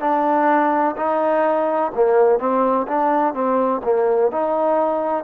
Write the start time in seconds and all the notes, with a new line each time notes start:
0.00 D4
0.97 D#4
1.95 A#3
2.39 C4
2.87 D4
3.34 C4
3.84 A#3
4.32 D#4